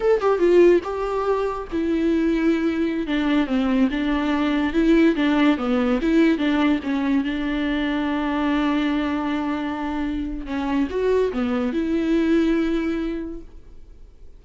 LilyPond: \new Staff \with { instrumentName = "viola" } { \time 4/4 \tempo 4 = 143 a'8 g'8 f'4 g'2 | e'2.~ e'16 d'8.~ | d'16 c'4 d'2 e'8.~ | e'16 d'4 b4 e'4 d'8.~ |
d'16 cis'4 d'2~ d'8.~ | d'1~ | d'4 cis'4 fis'4 b4 | e'1 | }